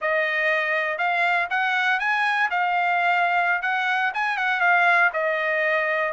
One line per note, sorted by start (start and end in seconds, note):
0.01 0.98 D#5
0.98 1.48 F5
1.50 1.99 F#5
1.99 2.49 G#5
2.50 3.61 F5
3.61 4.11 F#5
4.14 4.37 G#5
4.37 4.60 F#5
4.60 5.10 F5
5.13 6.12 D#5